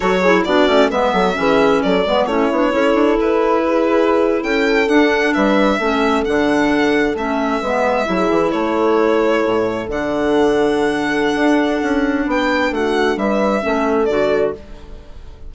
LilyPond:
<<
  \new Staff \with { instrumentName = "violin" } { \time 4/4 \tempo 4 = 132 cis''4 d''4 e''2 | d''4 cis''2 b'4~ | b'4.~ b'16 g''4 fis''4 e''16~ | e''4.~ e''16 fis''2 e''16~ |
e''2~ e''8. cis''4~ cis''16~ | cis''4.~ cis''16 fis''2~ fis''16~ | fis''2. g''4 | fis''4 e''2 d''4 | }
  \new Staff \with { instrumentName = "horn" } { \time 4/4 a'8 gis'8 fis'4 b'8 a'8 gis'4 | a'8 b'8 e'4 a'2 | gis'4.~ gis'16 a'2 b'16~ | b'8. a'2.~ a'16~ |
a'8. b'4 gis'4 a'4~ a'16~ | a'1~ | a'2. b'4 | fis'4 b'4 a'2 | }
  \new Staff \with { instrumentName = "clarinet" } { \time 4/4 fis'8 e'8 d'8 cis'8 b4 cis'4~ | cis'8 b8 cis'8 d'8 e'2~ | e'2~ e'8. d'4~ d'16~ | d'8. cis'4 d'2 cis'16~ |
cis'8. b4 e'2~ e'16~ | e'4.~ e'16 d'2~ d'16~ | d'1~ | d'2 cis'4 fis'4 | }
  \new Staff \with { instrumentName = "bassoon" } { \time 4/4 fis4 b8 a8 gis8 fis8 e4 | fis8 gis8 a8 b8 cis'8 d'8 e'4~ | e'4.~ e'16 cis'4 d'4 g16~ | g8. a4 d2 a16~ |
a8. gis4 fis8 e8 a4~ a16~ | a8. a,4 d2~ d16~ | d4 d'4 cis'4 b4 | a4 g4 a4 d4 | }
>>